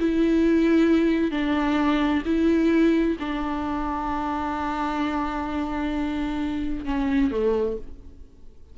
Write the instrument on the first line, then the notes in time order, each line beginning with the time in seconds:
viola
0.00 E4
1.32 D4
2.26 E4
3.20 D4
6.86 C#4
7.32 A3